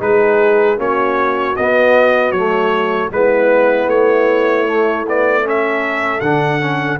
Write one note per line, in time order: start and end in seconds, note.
0.00 0.78 G#3
0.00 0.78 D#4
0.00 0.79 G#4
0.00 0.80 B4
0.78 1.56 A#3
0.78 1.56 C#4
0.78 3.13 F#4
0.78 1.56 C#5
1.56 2.32 B3
1.56 2.37 B3
1.56 2.32 D#5
2.32 3.10 F#3
2.32 3.12 A3
2.32 3.10 C#5
3.11 3.87 G#3
3.11 4.67 B3
3.11 5.47 E4
3.11 3.89 B4
3.87 6.21 A3
3.87 5.06 C#5
4.67 5.06 A3
5.08 5.44 B3
5.08 5.48 D5
5.44 6.22 C#4
5.44 7.00 A4
5.44 6.21 E5
6.21 6.99 D3
6.21 6.61 D4
6.21 6.99 F#5
6.61 7.00 C#4